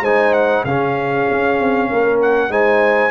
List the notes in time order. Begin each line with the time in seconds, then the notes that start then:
0.00 G#3 D#4 C5 G#5
0.33 F#5
0.64 C#3 C#4 G#4 F5
1.30 C#4
1.60 C4
1.89 A#3 A#4
2.21 F#5
2.48 G#3 D#4 C5 G#5